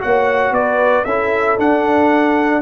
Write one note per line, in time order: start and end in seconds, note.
0.00 0.51 A#3
0.00 1.05 F#4
0.00 0.54 C#5
0.00 0.54 F#5
0.51 1.04 B3
0.51 1.05 B4
0.51 1.05 D5
1.05 1.58 C#4
1.05 1.59 E4
1.05 2.62 A4
1.05 1.58 E5
1.59 2.62 D4
1.59 2.62 F#5